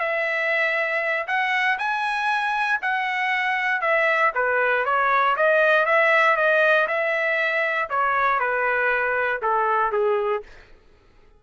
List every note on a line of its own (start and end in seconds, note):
0.00 1.27 E5
1.28 1.78 F#5
1.79 2.80 G#5
2.82 3.82 F#5
3.82 4.33 E5
4.35 4.86 B4
4.86 5.36 C#5
5.37 5.86 D#5
5.86 6.37 E5
6.37 6.88 D#5
6.88 7.90 E5
7.90 8.40 C#5
8.40 9.42 B4
9.42 9.92 A4
9.92 10.43 G#4